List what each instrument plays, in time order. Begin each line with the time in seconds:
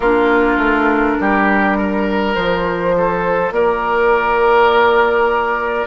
0.00 bassoon A#3, clarinet D4, oboe F4, flute A#4
0.57 bassoon A3
1.20 bassoon G3, oboe G4
1.77 oboe A#4
2.34 bassoon F3, clarinet F4, flute C5
2.97 oboe A4
3.51 bassoon A#3, oboe A#4, flute D5